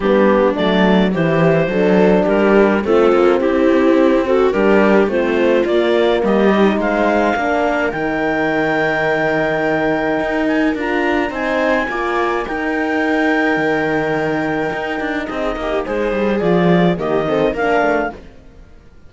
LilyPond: <<
  \new Staff \with { instrumentName = "clarinet" } { \time 4/4 \tempo 4 = 106 g'4 d''4 c''2 | ais'4 a'4 g'4. a'8 | ais'4 c''4 d''4 dis''4 | f''2 g''2~ |
g''2~ g''8 gis''8 ais''4 | gis''2 g''2~ | g''2. dis''4 | c''4 d''4 dis''4 f''4 | }
  \new Staff \with { instrumentName = "viola" } { \time 4/4 d'2 g'4 a'4 | g'4 f'4 e'4. fis'8 | g'4 f'2 g'4 | c''4 ais'2.~ |
ais'1 | c''4 d''4 ais'2~ | ais'2. gis'8 g'8 | gis'2 g'8 a'8 ais'4 | }
  \new Staff \with { instrumentName = "horn" } { \time 4/4 b4 a4 e'4 d'4~ | d'4 c'2. | d'4 c'4 ais4. dis'8~ | dis'4 d'4 dis'2~ |
dis'2. f'4 | dis'4 f'4 dis'2~ | dis'1~ | dis'4 f'4 ais8 c'8 d'4 | }
  \new Staff \with { instrumentName = "cello" } { \time 4/4 g4 fis4 e4 fis4 | g4 a8 ais8 c'2 | g4 a4 ais4 g4 | gis4 ais4 dis2~ |
dis2 dis'4 d'4 | c'4 ais4 dis'2 | dis2 dis'8 d'8 c'8 ais8 | gis8 g8 f4 dis4 ais8 a8 | }
>>